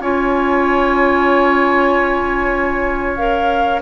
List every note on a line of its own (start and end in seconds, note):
0.00 3.82 C#4
0.00 3.18 F4
0.00 3.82 C#5
0.00 3.16 G#5
3.16 3.82 A#4
3.16 3.80 F5